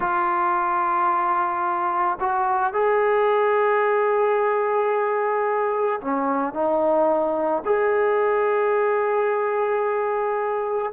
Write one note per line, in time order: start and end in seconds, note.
0.00 2.18 F4
2.19 2.73 F#4
2.73 6.00 G#4
6.00 6.53 C#4
6.53 7.62 D#4
7.65 10.92 G#4